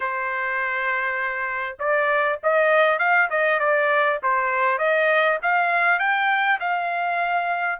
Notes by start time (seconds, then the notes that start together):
0.00 C5
1.79 D5
2.43 D#5
2.98 F5
3.29 D#5
3.59 D5
4.22 C5
4.78 D#5
5.42 F5
5.99 G5
6.60 F5